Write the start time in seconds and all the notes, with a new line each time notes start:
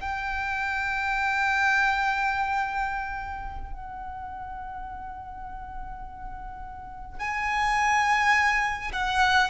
0.00 G5
3.73 F#5
7.19 G#5
8.92 F#5